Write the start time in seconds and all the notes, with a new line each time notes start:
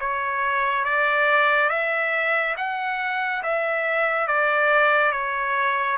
0.00 C#5
0.85 D5
1.70 E5
2.57 F#5
3.44 E5
4.27 D5
5.12 C#5